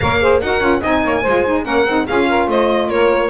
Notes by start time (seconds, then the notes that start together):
0.00 A#3 A#4 C#5 F5
0.20 G#4 C5
0.41 D#4 F#4 A#4 F#5
0.60 C#4 F4
0.81 C4 D#4 D#5 G#5
1.03 A#3 C#5
1.21 G#3 F4 C5
1.46 D#4
1.64 A#3 C#4 A#4 F#5
1.86 C4 D#4
2.07 C#4 F4 G#4 F5
2.29 A#4
2.47 A3 C5 D#5
2.88 A#3 A#4 C#5